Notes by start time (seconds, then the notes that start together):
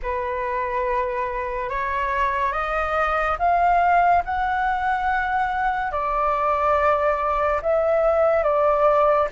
0.02 B4
1.69 C#5
2.52 D#5
3.38 F5
4.24 F#5
5.91 D5
7.61 E5
8.43 D5